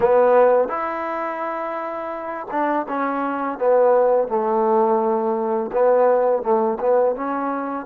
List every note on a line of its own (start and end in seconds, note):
0.00 0.68 B3
0.68 2.46 E4
2.50 2.86 D4
2.88 3.58 C#4
3.58 4.28 B3
4.28 5.70 A3
5.72 6.42 B3
6.42 6.78 A3
6.80 7.15 B3
7.15 7.86 C#4